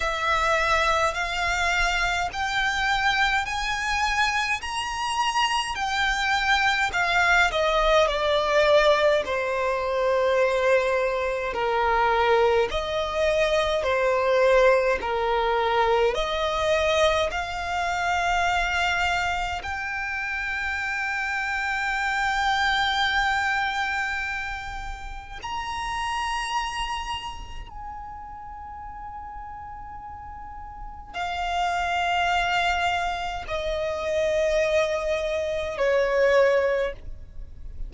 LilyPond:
\new Staff \with { instrumentName = "violin" } { \time 4/4 \tempo 4 = 52 e''4 f''4 g''4 gis''4 | ais''4 g''4 f''8 dis''8 d''4 | c''2 ais'4 dis''4 | c''4 ais'4 dis''4 f''4~ |
f''4 g''2.~ | g''2 ais''2 | gis''2. f''4~ | f''4 dis''2 cis''4 | }